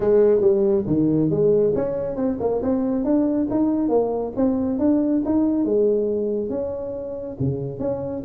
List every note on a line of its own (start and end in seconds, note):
0.00 0.40 G#3
0.40 0.84 G3
0.86 1.30 D#3
1.30 1.73 G#3
1.75 2.15 C#4
2.15 2.37 C4
2.39 2.61 A#3
2.62 3.04 C4
3.04 3.47 D4
3.50 3.89 D#4
3.89 4.32 A#3
4.36 4.78 C4
4.78 5.22 D4
5.25 5.64 D#4
5.64 6.49 G#3
6.49 7.36 C#4
7.39 7.79 C#3
7.79 8.22 C#4